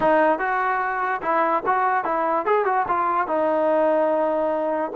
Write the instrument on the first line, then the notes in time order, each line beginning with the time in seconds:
trombone
0.00 D#4
0.38 F#4
1.22 E4
1.66 F#4
2.04 E4
2.45 G#4
2.65 F#4
2.88 F4
3.27 D#4